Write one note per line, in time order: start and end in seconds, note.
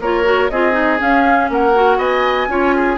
0.00 0.50 A#3
0.00 0.24 F4
0.00 0.51 A#4
0.00 0.50 C#5
0.24 0.49 F#4
0.50 1.00 C4
0.50 0.72 F4
0.50 1.51 G#4
0.50 0.99 D#5
0.72 0.97 D#4
0.99 1.73 C#4
0.99 1.50 C#4
0.99 1.50 F5
1.50 1.98 A#3
1.50 1.98 A#4
1.50 2.00 F#5
1.74 2.49 F#4
1.98 2.48 B3
1.98 2.48 D#5
1.98 2.98 G#5
2.48 2.98 C#4
2.48 2.98 F4
2.48 2.76 C#5
2.76 2.98 G#4